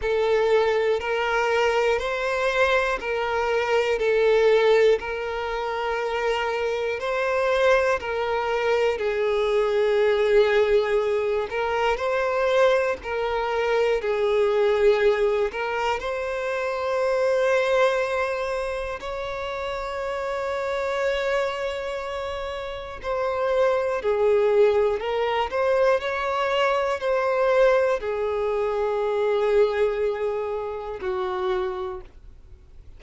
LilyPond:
\new Staff \with { instrumentName = "violin" } { \time 4/4 \tempo 4 = 60 a'4 ais'4 c''4 ais'4 | a'4 ais'2 c''4 | ais'4 gis'2~ gis'8 ais'8 | c''4 ais'4 gis'4. ais'8 |
c''2. cis''4~ | cis''2. c''4 | gis'4 ais'8 c''8 cis''4 c''4 | gis'2. fis'4 | }